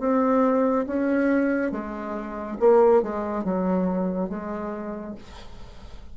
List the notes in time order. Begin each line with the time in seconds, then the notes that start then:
0.00 C4
0.87 C#4
1.72 G#3
2.60 A#3
3.02 G#3
3.44 F#3
4.29 G#3